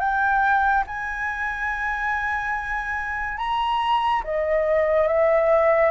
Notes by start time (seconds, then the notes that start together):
0.00 G5
0.87 G#5
3.38 A#5
4.24 D#5
5.08 E5